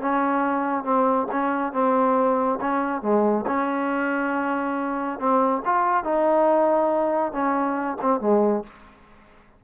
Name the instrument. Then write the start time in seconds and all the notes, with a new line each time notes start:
trombone
0.00 C#4
0.84 C4
1.31 C#4
1.73 C4
2.61 C#4
3.02 G#3
3.47 C#4
5.19 C4
5.65 F4
6.04 D#4
7.32 C#4
8.01 C4
8.20 G#3